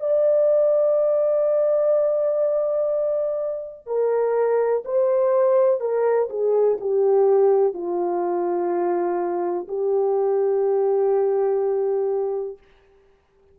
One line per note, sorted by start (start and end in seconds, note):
0.00 3.86 D5
3.86 4.83 A#4
4.85 5.80 C5
5.80 6.29 A#4
6.29 6.78 G#4
6.80 7.73 G4
7.73 9.67 F4
9.68 12.58 G4